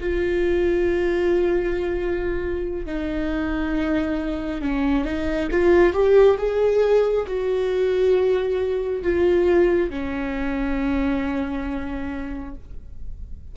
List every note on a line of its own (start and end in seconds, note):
0.00 2.86 F4
2.86 4.62 D#4
4.62 5.05 C#4
5.05 5.49 D#4
5.51 5.94 F4
5.94 6.38 G4
6.38 7.26 G#4
7.27 9.03 F#4
9.03 9.90 F4
9.90 12.55 C#4